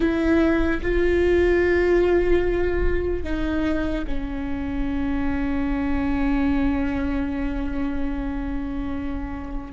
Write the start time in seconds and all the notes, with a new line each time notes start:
0.00 E4
0.82 F4
3.23 D#4
4.07 C#4